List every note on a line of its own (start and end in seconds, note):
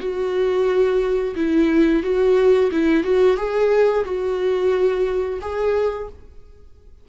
0.00 1.35 F#4
1.36 2.03 E4
2.03 2.71 F#4
2.72 3.04 E4
3.04 3.37 F#4
3.37 4.04 G#4
4.05 5.40 F#4
5.41 6.09 G#4